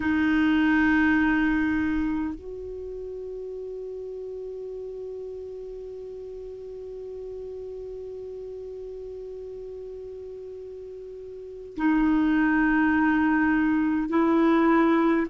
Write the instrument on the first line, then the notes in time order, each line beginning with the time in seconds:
clarinet
0.00 D#4
2.35 F#4
11.76 D#4
14.09 E4